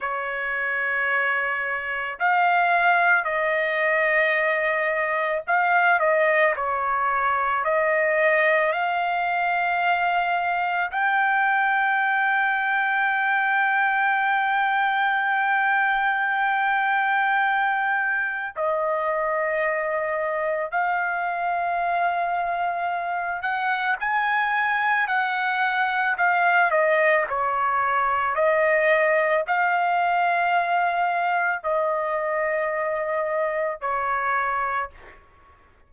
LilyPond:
\new Staff \with { instrumentName = "trumpet" } { \time 4/4 \tempo 4 = 55 cis''2 f''4 dis''4~ | dis''4 f''8 dis''8 cis''4 dis''4 | f''2 g''2~ | g''1~ |
g''4 dis''2 f''4~ | f''4. fis''8 gis''4 fis''4 | f''8 dis''8 cis''4 dis''4 f''4~ | f''4 dis''2 cis''4 | }